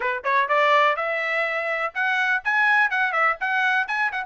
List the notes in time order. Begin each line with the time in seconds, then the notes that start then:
0.00 B4
0.24 C#5
0.48 D5
0.96 E5
1.94 F#5
2.44 G#5
2.90 F#5
3.12 E5
3.40 F#5
3.87 G#5
4.12 F#5